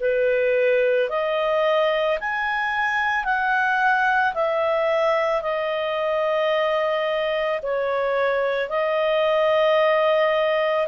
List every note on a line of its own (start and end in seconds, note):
0.00 1.09 B4
1.10 2.19 D#5
2.20 3.24 G#5
3.24 4.33 F#5
4.34 5.42 E5
5.42 7.60 D#5
7.62 8.69 C#5
8.69 10.87 D#5